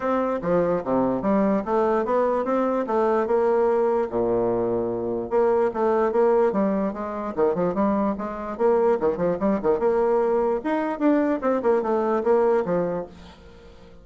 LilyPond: \new Staff \with { instrumentName = "bassoon" } { \time 4/4 \tempo 4 = 147 c'4 f4 c4 g4 | a4 b4 c'4 a4 | ais2 ais,2~ | ais,4 ais4 a4 ais4 |
g4 gis4 dis8 f8 g4 | gis4 ais4 dis8 f8 g8 dis8 | ais2 dis'4 d'4 | c'8 ais8 a4 ais4 f4 | }